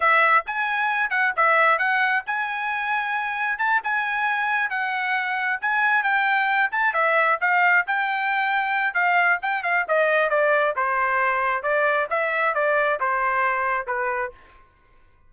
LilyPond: \new Staff \with { instrumentName = "trumpet" } { \time 4/4 \tempo 4 = 134 e''4 gis''4. fis''8 e''4 | fis''4 gis''2. | a''8 gis''2 fis''4.~ | fis''8 gis''4 g''4. a''8 e''8~ |
e''8 f''4 g''2~ g''8 | f''4 g''8 f''8 dis''4 d''4 | c''2 d''4 e''4 | d''4 c''2 b'4 | }